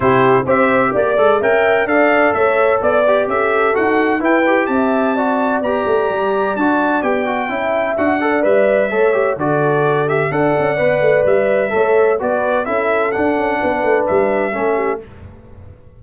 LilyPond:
<<
  \new Staff \with { instrumentName = "trumpet" } { \time 4/4 \tempo 4 = 128 c''4 e''4 d''4 g''4 | f''4 e''4 d''4 e''4 | fis''4 g''4 a''2 | ais''2 a''4 g''4~ |
g''4 fis''4 e''2 | d''4. e''8 fis''2 | e''2 d''4 e''4 | fis''2 e''2 | }
  \new Staff \with { instrumentName = "horn" } { \time 4/4 g'4 c''4 d''4 e''4 | d''4 cis''4 d''4 a'4~ | a'4 b'4 e''4 d''4~ | d''1 |
e''4. d''4. cis''4 | a'2 d''2~ | d''4 cis''4 b'4 a'4~ | a'4 b'2 a'8 g'8 | }
  \new Staff \with { instrumentName = "trombone" } { \time 4/4 e'4 g'4. a'8 ais'4 | a'2~ a'8 g'4. | fis'4 e'8 g'4. fis'4 | g'2 fis'4 g'8 fis'8 |
e'4 fis'8 a'8 b'4 a'8 g'8 | fis'4. g'8 a'4 b'4~ | b'4 a'4 fis'4 e'4 | d'2. cis'4 | }
  \new Staff \with { instrumentName = "tuba" } { \time 4/4 c4 c'4 ais8 gis8 cis'4 | d'4 a4 b4 cis'4 | dis'4 e'4 c'2 | b8 a8 g4 d'4 b4 |
cis'4 d'4 g4 a4 | d2 d'8 cis'8 b8 a8 | g4 a4 b4 cis'4 | d'8 cis'8 b8 a8 g4 a4 | }
>>